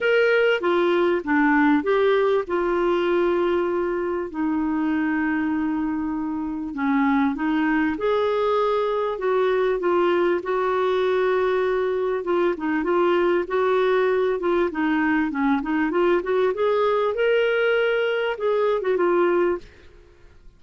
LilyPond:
\new Staff \with { instrumentName = "clarinet" } { \time 4/4 \tempo 4 = 98 ais'4 f'4 d'4 g'4 | f'2. dis'4~ | dis'2. cis'4 | dis'4 gis'2 fis'4 |
f'4 fis'2. | f'8 dis'8 f'4 fis'4. f'8 | dis'4 cis'8 dis'8 f'8 fis'8 gis'4 | ais'2 gis'8. fis'16 f'4 | }